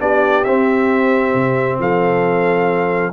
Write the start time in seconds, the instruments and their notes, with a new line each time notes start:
0.00 tuba B3, trombone D4, horn G4, trumpet D5
0.44 tuba C4, trombone C4, trumpet E5
1.34 tuba C3
1.79 tuba F3, horn A4, trumpet F5